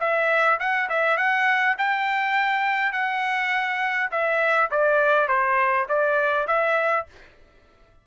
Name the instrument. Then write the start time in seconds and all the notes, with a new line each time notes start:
trumpet
0.00 E5
0.59 F#5
0.89 E5
1.17 F#5
1.78 G5
2.92 F#5
4.11 E5
4.71 D5
5.28 C5
5.89 D5
6.48 E5